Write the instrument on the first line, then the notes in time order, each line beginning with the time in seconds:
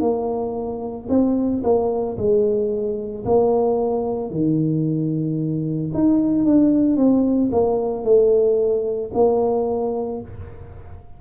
tuba
0.00 A#3
1.09 C4
1.63 A#3
2.17 G#3
3.25 A#3
4.31 D#3
5.94 D#4
6.45 D4
6.96 C4
7.51 A#3
8.04 A3
9.14 A#3